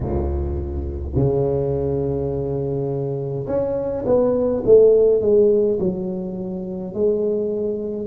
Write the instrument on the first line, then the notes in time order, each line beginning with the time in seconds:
tuba
0.00 C#2
1.15 C#3
3.46 C#4
4.05 B3
4.65 A3
5.21 G#3
5.80 F#3
6.93 G#3